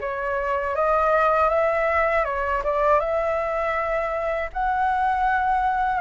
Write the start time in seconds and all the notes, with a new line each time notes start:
0.00 C#5
0.75 D#5
1.49 E5
2.24 C#5
2.63 D5
2.99 E5
4.53 F#5